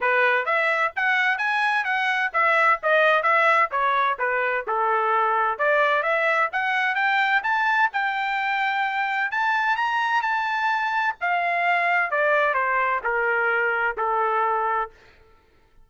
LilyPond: \new Staff \with { instrumentName = "trumpet" } { \time 4/4 \tempo 4 = 129 b'4 e''4 fis''4 gis''4 | fis''4 e''4 dis''4 e''4 | cis''4 b'4 a'2 | d''4 e''4 fis''4 g''4 |
a''4 g''2. | a''4 ais''4 a''2 | f''2 d''4 c''4 | ais'2 a'2 | }